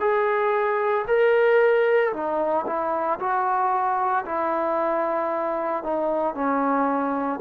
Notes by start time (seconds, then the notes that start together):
0.00 G#4
1.07 A#4
2.13 D#4
2.66 E4
3.19 F#4
4.25 E4
5.83 D#4
6.34 C#4